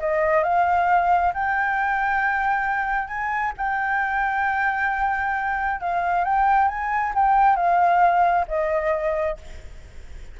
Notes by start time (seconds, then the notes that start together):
0.00 D#5
0.44 F5
1.34 G5
3.08 G#5
3.58 G5
5.81 F5
6.25 G5
6.69 G#5
7.15 G5
7.57 F5
8.48 D#5